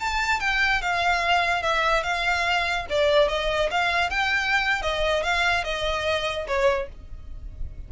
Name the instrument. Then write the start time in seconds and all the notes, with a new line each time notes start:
violin
0.00 A5
0.40 G5
0.81 F5
1.63 E5
2.03 F5
2.89 D5
3.28 D#5
3.71 F5
4.10 G5
4.82 D#5
5.23 F5
5.64 D#5
6.47 C#5